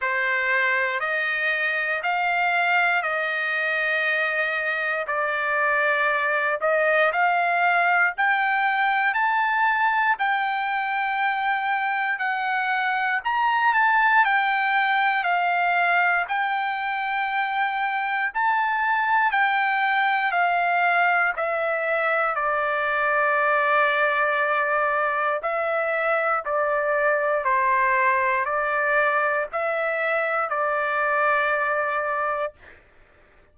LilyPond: \new Staff \with { instrumentName = "trumpet" } { \time 4/4 \tempo 4 = 59 c''4 dis''4 f''4 dis''4~ | dis''4 d''4. dis''8 f''4 | g''4 a''4 g''2 | fis''4 ais''8 a''8 g''4 f''4 |
g''2 a''4 g''4 | f''4 e''4 d''2~ | d''4 e''4 d''4 c''4 | d''4 e''4 d''2 | }